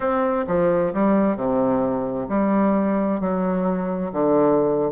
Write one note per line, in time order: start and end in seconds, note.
0.00 0.45 C4
0.47 0.93 F3
0.93 1.36 G3
1.36 2.28 C3
2.29 3.20 G3
3.20 4.11 F#3
4.12 4.91 D3